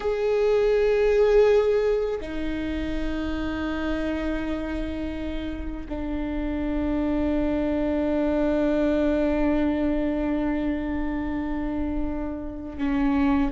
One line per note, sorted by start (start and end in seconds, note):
0.00 2.20 G#4
2.21 5.86 D#4
5.88 12.77 D4
12.77 13.51 C#4